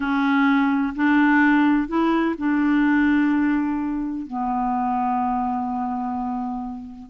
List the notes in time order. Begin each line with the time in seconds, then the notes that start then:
0.00 C#4
0.95 D4
1.87 E4
2.38 D4
4.26 B3